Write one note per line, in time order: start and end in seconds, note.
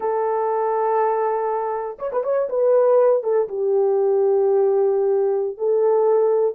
0.00 1.97 A4
1.98 2.11 C#5
2.12 2.23 B4
2.23 2.48 C#5
2.49 3.23 B4
3.23 3.47 A4
3.48 5.57 G4
5.57 6.54 A4